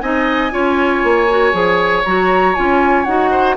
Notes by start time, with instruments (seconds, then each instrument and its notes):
0.00 bassoon C4, clarinet D#4, oboe D#5, flute G#5
0.51 bassoon C#4, clarinet F4, oboe C#5
1.03 bassoon A#3
1.29 clarinet F#4
1.52 bassoon F3, clarinet G#4
2.04 bassoon F#3, clarinet F#4, flute A#5
2.54 bassoon C#4, clarinet F4, flute G#5
3.04 bassoon D#4, clarinet F#4, flute F#5
3.30 oboe C5